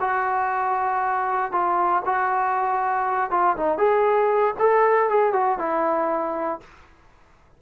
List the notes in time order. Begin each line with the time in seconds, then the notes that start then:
0.00 F#4
1.51 F4
2.05 F#4
3.30 F4
3.56 D#4
3.78 G#4
4.59 A4
5.09 G#4
5.33 F#4
5.58 E4